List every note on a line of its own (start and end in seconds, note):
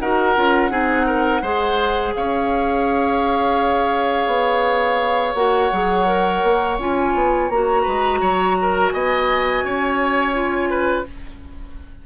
0.00 0.36 D#4
0.00 0.36 F#4
0.00 0.71 A#4
0.00 2.14 F#5
0.36 0.70 C#4
0.36 0.71 F4
0.70 1.42 C4
0.70 1.42 D#4
0.70 1.06 G#4
1.06 1.42 A#4
1.42 2.14 G#3
1.42 5.36 G#4
1.42 2.14 C5
2.15 4.27 C#4
2.15 7.83 C#5
2.15 5.35 F5
4.27 5.34 B3
5.35 5.70 A#3
5.35 5.72 F#4
5.35 6.78 F#5
5.72 6.43 F#3
5.72 6.06 G#4
6.06 6.77 A#4
6.43 6.79 A#3
6.79 7.14 C#4
6.79 7.51 F4
6.79 7.50 G#5
7.14 7.50 B3
7.50 7.86 A#3
7.50 10.34 F#4
7.50 8.90 A#5
7.83 8.21 G#3
7.83 8.19 B4
8.21 8.93 F#3
8.21 8.57 C#5
8.62 8.94 A#4
8.90 9.64 B3
8.90 9.65 D#5
8.90 11.05 G#5
9.64 11.07 C#4
9.64 10.70 C#5
10.34 11.06 F4
10.70 11.06 B4